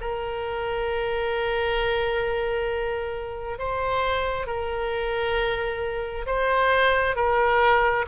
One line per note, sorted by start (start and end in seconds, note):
0.00 3.58 A#4
3.58 4.46 C5
4.46 6.25 A#4
6.26 7.15 C5
7.16 8.05 A#4